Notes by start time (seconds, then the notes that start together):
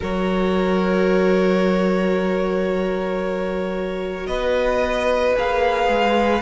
0.00 F#3 F#4 A#4 C#5
4.26 B3 B4 D#5
5.36 A#3 G#4 F5
5.88 G#3